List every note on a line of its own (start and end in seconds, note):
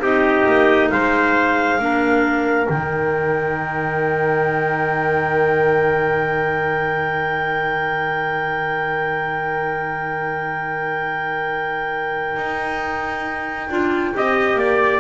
0.00 0.44 C4
0.00 1.79 D#4
0.00 0.90 G4
0.00 0.90 D#5
0.46 0.90 A#3
0.90 1.79 G#3
0.90 1.81 C5
0.90 2.67 F5
1.79 2.67 A#3
1.79 2.66 D4
1.79 14.17 A#4
2.66 12.37 D#3
2.66 13.69 D#4
2.66 15.00 G5
12.37 13.69 D#4
13.70 14.14 D4
13.70 14.15 F4
14.15 14.56 C4
14.15 15.00 G4
14.15 14.59 D#5
14.56 15.00 A#3
14.56 15.00 D5